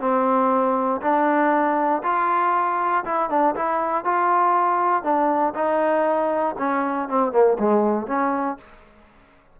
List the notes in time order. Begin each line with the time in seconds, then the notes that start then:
0.00 C4
1.01 D4
2.03 F4
3.04 E4
3.29 D4
3.55 E4
4.04 F4
5.03 D4
5.54 D#4
6.58 C#4
7.08 C4
7.32 A#3
7.59 G#3
8.07 C#4